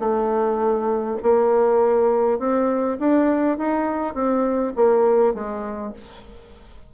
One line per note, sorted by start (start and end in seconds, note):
0.00 1.18 A3
1.23 2.39 A#3
2.39 2.98 C4
3.00 3.58 D4
3.58 4.14 D#4
4.14 4.73 C4
4.76 5.34 A#3
5.34 5.93 G#3